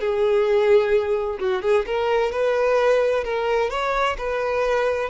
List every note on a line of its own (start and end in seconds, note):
0.00 1.38 G#4
1.39 1.62 F#4
1.62 1.85 G#4
1.86 2.32 A#4
2.32 3.24 B4
3.24 3.70 A#4
3.70 4.16 C#5
4.18 5.09 B4